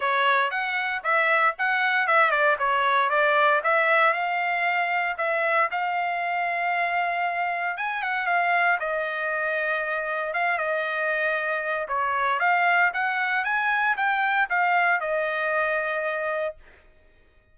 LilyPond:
\new Staff \with { instrumentName = "trumpet" } { \time 4/4 \tempo 4 = 116 cis''4 fis''4 e''4 fis''4 | e''8 d''8 cis''4 d''4 e''4 | f''2 e''4 f''4~ | f''2. gis''8 fis''8 |
f''4 dis''2. | f''8 dis''2~ dis''8 cis''4 | f''4 fis''4 gis''4 g''4 | f''4 dis''2. | }